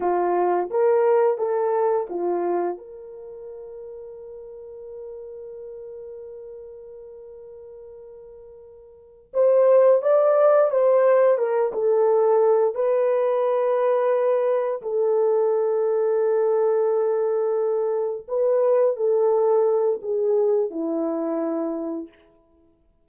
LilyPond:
\new Staff \with { instrumentName = "horn" } { \time 4/4 \tempo 4 = 87 f'4 ais'4 a'4 f'4 | ais'1~ | ais'1~ | ais'4. c''4 d''4 c''8~ |
c''8 ais'8 a'4. b'4.~ | b'4. a'2~ a'8~ | a'2~ a'8 b'4 a'8~ | a'4 gis'4 e'2 | }